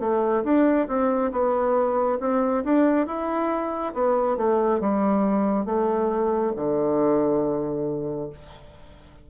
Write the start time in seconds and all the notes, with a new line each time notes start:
0.00 A3
0.44 D4
0.88 C4
1.32 B3
2.20 C4
2.64 D4
3.07 E4
3.94 B3
4.37 A3
4.80 G3
5.66 A3
6.56 D3